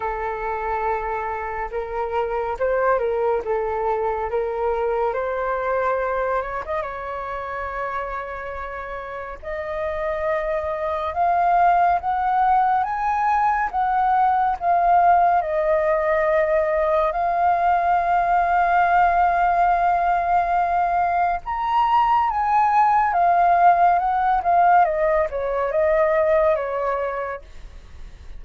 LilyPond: \new Staff \with { instrumentName = "flute" } { \time 4/4 \tempo 4 = 70 a'2 ais'4 c''8 ais'8 | a'4 ais'4 c''4. cis''16 dis''16 | cis''2. dis''4~ | dis''4 f''4 fis''4 gis''4 |
fis''4 f''4 dis''2 | f''1~ | f''4 ais''4 gis''4 f''4 | fis''8 f''8 dis''8 cis''8 dis''4 cis''4 | }